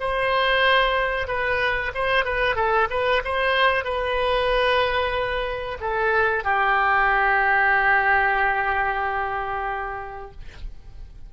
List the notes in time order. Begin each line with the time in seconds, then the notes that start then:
0.00 C5
1.28 B4
1.94 C5
2.25 B4
2.56 A4
2.90 B4
3.25 C5
3.84 B4
5.81 A4
6.44 G4